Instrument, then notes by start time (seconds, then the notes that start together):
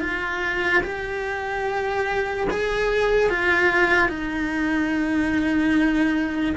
cello
0.00 F4
0.83 G4
2.50 G#4
3.30 F4
4.09 D#4